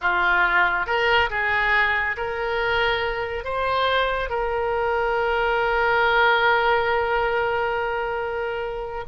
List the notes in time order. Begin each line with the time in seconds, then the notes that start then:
0.01 F4
0.86 A#4
1.29 G#4
2.16 A#4
3.44 C5
4.29 A#4